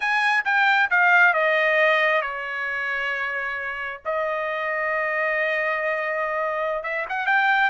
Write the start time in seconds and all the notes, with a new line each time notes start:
0.00 G#5
0.44 G5
0.90 F5
1.33 D#5
2.21 C#5
4.05 D#5
6.83 E5
7.09 F#5
7.26 G5